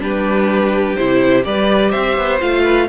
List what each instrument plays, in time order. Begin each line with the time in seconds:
0.00 cello G3, viola D4, violin G4 B4
0.96 cello C3, viola E4, violin C5
1.43 cello G3, viola G4, violin B4 D5
1.91 cello C4, violin C5 E5
2.17 cello B3
2.40 cello A3, viola F4, violin F5
2.63 violin B4